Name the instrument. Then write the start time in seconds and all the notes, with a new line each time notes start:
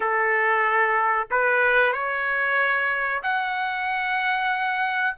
trumpet
0.00 A4
1.30 B4
1.92 C#5
3.22 F#5